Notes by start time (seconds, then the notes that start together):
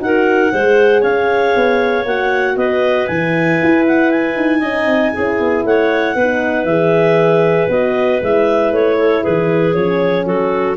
0.00 D#4 F#4 A#4 F#5
0.53 G#3 G#4 C5
1.01 C#4 C#5 F5
1.56 B3
2.05 A#3 F#4 F#5
2.56 B3 B4 D#5
3.08 E3 E4 G#5
3.63 E4
3.87 F#5
4.11 G#5
4.37 D#4
4.60 C#4 D#4 D#5
4.86 C4
5.14 C#4 E4 G#4
5.40 B3
5.64 A3 C#5 F#5
6.15 B3 D#4 B4
6.65 E3 G#4 E5
7.69 B3 F#4 D#5
8.22 G#3 E4 E5
8.72 A3 C#5
8.99 A4
9.23 E3 G#4 B4
9.74 F3 C#4 C#5
10.26 F#3 F#4 A4